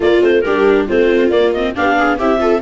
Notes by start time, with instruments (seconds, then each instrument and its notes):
0.00 viola A#3 F4, tuba A#3, clarinet D5
0.20 tuba A3, viola C4, clarinet C5
0.41 tuba G3, viola D4 G4, clarinet A#4
0.86 tuba A3, viola C4 F4, clarinet C5
1.30 tuba A#3, viola A#3, clarinet D5
1.52 viola C4, clarinet D#5
1.75 tuba B3, viola D4 G4, clarinet F5
1.98 viola G#4
2.18 tuba C4, viola E4 G4, clarinet E5
2.38 viola F4 A4